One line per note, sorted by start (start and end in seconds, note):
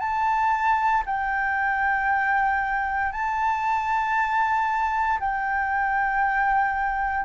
0.00 1.03 A5
1.06 3.13 G5
3.13 5.20 A5
5.20 7.26 G5